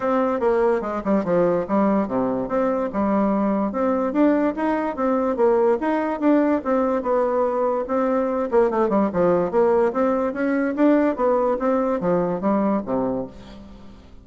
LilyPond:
\new Staff \with { instrumentName = "bassoon" } { \time 4/4 \tempo 4 = 145 c'4 ais4 gis8 g8 f4 | g4 c4 c'4 g4~ | g4 c'4 d'4 dis'4 | c'4 ais4 dis'4 d'4 |
c'4 b2 c'4~ | c'8 ais8 a8 g8 f4 ais4 | c'4 cis'4 d'4 b4 | c'4 f4 g4 c4 | }